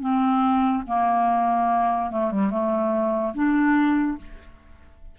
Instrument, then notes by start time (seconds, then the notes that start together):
clarinet
0.00 C4
0.86 A#3
2.10 A3
2.31 G3
2.50 A3
3.34 D4